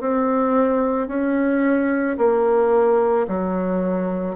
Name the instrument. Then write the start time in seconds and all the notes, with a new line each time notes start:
bassoon
0.00 C4
1.08 C#4
2.17 A#3
3.28 F#3